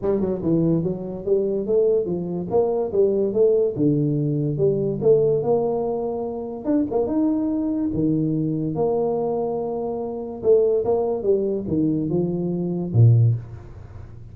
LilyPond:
\new Staff \with { instrumentName = "tuba" } { \time 4/4 \tempo 4 = 144 g8 fis8 e4 fis4 g4 | a4 f4 ais4 g4 | a4 d2 g4 | a4 ais2. |
d'8 ais8 dis'2 dis4~ | dis4 ais2.~ | ais4 a4 ais4 g4 | dis4 f2 ais,4 | }